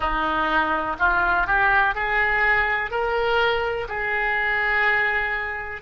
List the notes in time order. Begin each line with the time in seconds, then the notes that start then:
0.00 D#4
0.99 F4
1.46 G4
1.94 G#4
2.90 A#4
3.88 G#4